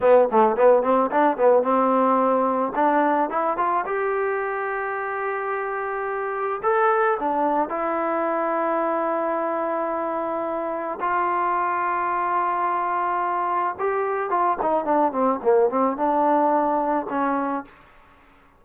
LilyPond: \new Staff \with { instrumentName = "trombone" } { \time 4/4 \tempo 4 = 109 b8 a8 b8 c'8 d'8 b8 c'4~ | c'4 d'4 e'8 f'8 g'4~ | g'1 | a'4 d'4 e'2~ |
e'1 | f'1~ | f'4 g'4 f'8 dis'8 d'8 c'8 | ais8 c'8 d'2 cis'4 | }